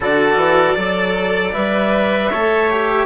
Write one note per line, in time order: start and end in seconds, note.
0.00 0.36 D3
0.00 0.75 F#4
0.00 0.75 A4
0.00 1.53 D5
0.36 0.74 E3
0.75 1.53 F#3
0.75 1.52 A4
0.75 2.29 D5
1.53 2.30 G3
1.53 2.30 B4
1.53 3.06 E5
2.29 3.06 A3
2.29 2.70 A4
2.29 3.06 C#5
2.70 3.06 G4